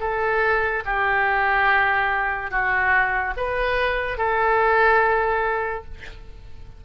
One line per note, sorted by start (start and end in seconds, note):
0.00 0.83 A4
0.86 2.51 G4
2.51 3.34 F#4
3.37 4.18 B4
4.18 5.84 A4